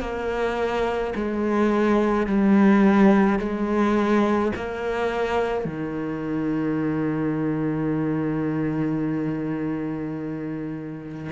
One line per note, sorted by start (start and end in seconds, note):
0.00 1.13 A#3
1.15 2.26 G#3
2.26 3.39 G3
3.39 4.52 G#3
4.56 5.65 A#3
5.65 11.31 D#3